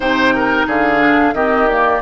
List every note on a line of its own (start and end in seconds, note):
0.00 0.66 C3
0.00 0.99 D#4
0.00 0.33 C5
0.00 0.67 G5
0.35 0.67 A#4
0.66 1.33 D3
0.66 1.34 G#4
0.66 1.34 F5
0.99 1.32 D4
1.33 2.00 D#3
1.33 1.68 C4
1.33 2.01 G4
1.33 1.67 D#5
1.67 2.01 A#3
1.67 2.01 D5